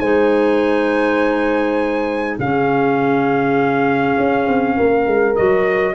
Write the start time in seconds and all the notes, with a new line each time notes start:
0.00 G#3 D#4 C5 G#5
2.39 C#3 C#4 G#4 F5
4.17 C#4
4.48 C4
4.76 A#3 A#4
5.07 G#3
5.36 F#3 F#4 D#5